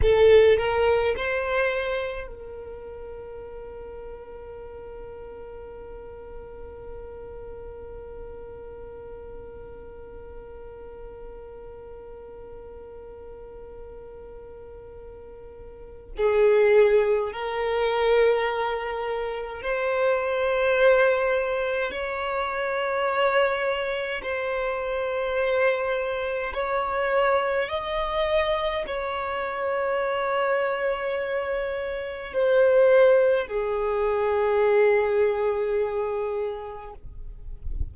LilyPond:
\new Staff \with { instrumentName = "violin" } { \time 4/4 \tempo 4 = 52 a'8 ais'8 c''4 ais'2~ | ais'1~ | ais'1~ | ais'2 gis'4 ais'4~ |
ais'4 c''2 cis''4~ | cis''4 c''2 cis''4 | dis''4 cis''2. | c''4 gis'2. | }